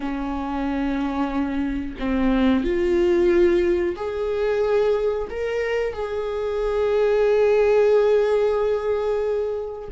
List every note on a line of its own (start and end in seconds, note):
0.00 1.95 C#4
1.99 2.63 C4
2.63 3.95 F4
3.96 5.27 G#4
5.30 5.93 A#4
5.93 9.88 G#4